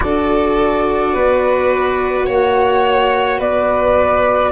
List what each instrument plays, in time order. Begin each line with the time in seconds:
0.00 tuba D4, cello F#4, violin A4, flute D5
1.13 tuba B3, violin B4
2.26 tuba A#3, violin C#5, flute F#5
3.38 tuba B3, violin B4, flute D5